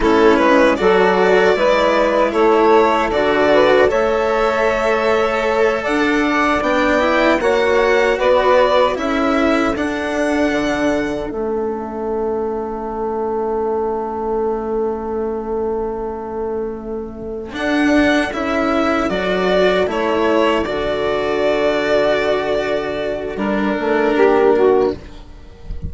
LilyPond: <<
  \new Staff \with { instrumentName = "violin" } { \time 4/4 \tempo 4 = 77 a'8 b'8 d''2 cis''4 | d''4 e''2~ e''8 fis''8~ | fis''8 g''4 fis''4 d''4 e''8~ | e''8 fis''2 e''4.~ |
e''1~ | e''2~ e''8 fis''4 e''8~ | e''8 d''4 cis''4 d''4.~ | d''2 ais'2 | }
  \new Staff \with { instrumentName = "saxophone" } { \time 4/4 e'4 a'4 b'4 a'4~ | a'8 b'8 cis''2~ cis''8 d''8~ | d''4. cis''4 b'4 a'8~ | a'1~ |
a'1~ | a'1~ | a'1~ | a'2. g'8 fis'8 | }
  \new Staff \with { instrumentName = "cello" } { \time 4/4 cis'4 fis'4 e'2 | fis'4 a'2.~ | a'8 d'8 e'8 fis'2 e'8~ | e'8 d'2 cis'4.~ |
cis'1~ | cis'2~ cis'8 d'4 e'8~ | e'8 fis'4 e'4 fis'4.~ | fis'2 d'2 | }
  \new Staff \with { instrumentName = "bassoon" } { \time 4/4 a8 gis8 fis4 gis4 a4 | d4 a2~ a8 d'8~ | d'8 b4 ais4 b4 cis'8~ | cis'8 d'4 d4 a4.~ |
a1~ | a2~ a8 d'4 cis'8~ | cis'8 fis4 a4 d4.~ | d2 g8 a8 ais4 | }
>>